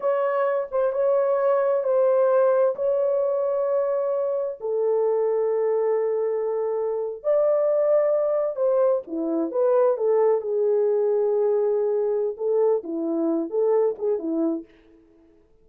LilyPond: \new Staff \with { instrumentName = "horn" } { \time 4/4 \tempo 4 = 131 cis''4. c''8 cis''2 | c''2 cis''2~ | cis''2 a'2~ | a'2.~ a'8. d''16~ |
d''2~ d''8. c''4 e'16~ | e'8. b'4 a'4 gis'4~ gis'16~ | gis'2. a'4 | e'4. a'4 gis'8 e'4 | }